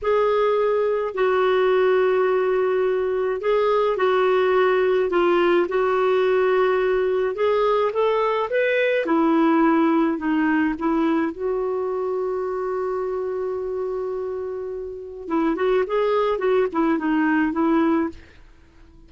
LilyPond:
\new Staff \with { instrumentName = "clarinet" } { \time 4/4 \tempo 4 = 106 gis'2 fis'2~ | fis'2 gis'4 fis'4~ | fis'4 f'4 fis'2~ | fis'4 gis'4 a'4 b'4 |
e'2 dis'4 e'4 | fis'1~ | fis'2. e'8 fis'8 | gis'4 fis'8 e'8 dis'4 e'4 | }